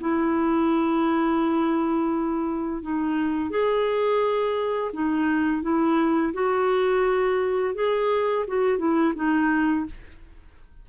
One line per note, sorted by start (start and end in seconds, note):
0.00 2.82 E4
2.82 3.50 D#4
3.50 4.91 G#4
4.93 5.62 D#4
5.62 6.33 E4
6.33 7.74 F#4
7.75 8.45 G#4
8.47 8.78 F#4
8.78 9.13 E4
9.15 9.86 D#4